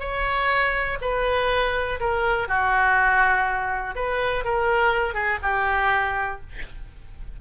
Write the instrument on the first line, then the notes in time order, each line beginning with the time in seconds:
oboe
0.00 C#5
1.02 B4
2.01 A#4
2.48 F#4
3.96 B4
4.45 A#4
5.14 G#4
5.43 G4